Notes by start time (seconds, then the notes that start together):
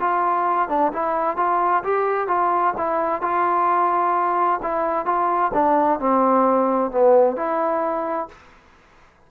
0.00 F4
0.69 D4
0.93 E4
1.37 F4
1.84 G4
2.28 F4
2.78 E4
3.22 F4
4.63 E4
5.06 F4
5.54 D4
6.00 C4
6.91 B3
7.36 E4